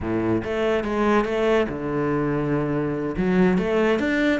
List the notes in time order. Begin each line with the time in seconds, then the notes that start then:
0.00 A2
0.43 A3
0.84 G#3
1.24 A3
1.68 D3
3.17 F#3
3.58 A3
3.99 D4